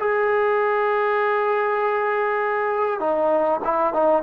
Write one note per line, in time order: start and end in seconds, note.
0.00 3.00 G#4
3.00 3.61 D#4
3.65 3.94 E4
3.94 4.23 D#4